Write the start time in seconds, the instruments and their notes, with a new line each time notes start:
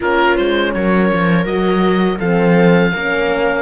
0.00 cello A#3, horn C#4, viola F4, oboe A#4
0.36 cello G#3, oboe C5
0.73 cello F#3, viola A#4, oboe C#5
1.12 cello F3
1.45 cello F#3, horn F#4, oboe D#5
2.18 cello F3, horn C4, viola A4, oboe F5
2.93 cello A#3, horn C#4, viola A#4